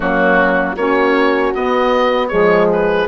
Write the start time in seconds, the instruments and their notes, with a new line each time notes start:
0.00 bassoon F#3, saxophone A#3, horn C#4, oboe F#4
0.75 bassoon A#3, saxophone C#4, horn F#4, oboe C#5
1.54 saxophone B3, bassoon B3, oboe D#5
2.28 bassoon F3, saxophone G#3, horn G#4, oboe C#5
2.72 oboe B4